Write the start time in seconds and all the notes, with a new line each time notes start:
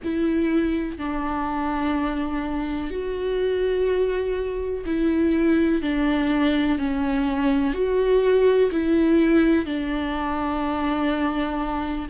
0.03 E4
0.98 D4
2.90 F#4
4.85 E4
5.82 D4
6.78 C#4
7.73 F#4
8.71 E4
9.65 D4